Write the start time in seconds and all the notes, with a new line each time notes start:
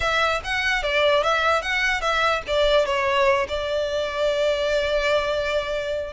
0.00 E5
0.43 F#5
0.82 D5
1.23 E5
1.62 F#5
2.01 E5
2.47 D5
2.85 C#5
3.48 D5